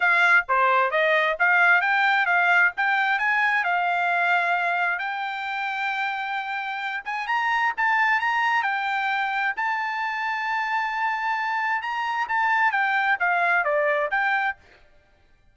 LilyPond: \new Staff \with { instrumentName = "trumpet" } { \time 4/4 \tempo 4 = 132 f''4 c''4 dis''4 f''4 | g''4 f''4 g''4 gis''4 | f''2. g''4~ | g''2.~ g''8 gis''8 |
ais''4 a''4 ais''4 g''4~ | g''4 a''2.~ | a''2 ais''4 a''4 | g''4 f''4 d''4 g''4 | }